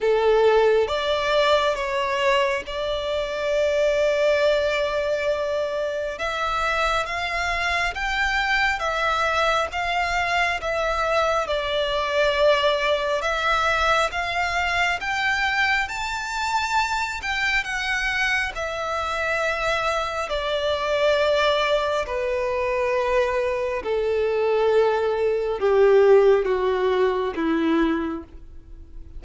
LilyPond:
\new Staff \with { instrumentName = "violin" } { \time 4/4 \tempo 4 = 68 a'4 d''4 cis''4 d''4~ | d''2. e''4 | f''4 g''4 e''4 f''4 | e''4 d''2 e''4 |
f''4 g''4 a''4. g''8 | fis''4 e''2 d''4~ | d''4 b'2 a'4~ | a'4 g'4 fis'4 e'4 | }